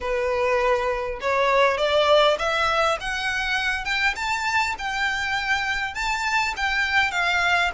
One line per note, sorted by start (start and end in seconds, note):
0.00 1.19 B4
1.20 1.77 C#5
1.77 2.37 D5
2.38 2.98 E5
3.00 3.85 F#5
3.85 4.14 G5
4.15 4.75 A5
4.78 5.94 G5
5.94 6.53 A5
6.56 7.11 G5
7.11 7.70 F5